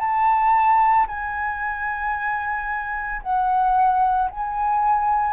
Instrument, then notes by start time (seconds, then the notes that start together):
flute
0.00 A5
1.08 G#5
3.23 F#5
4.31 G#5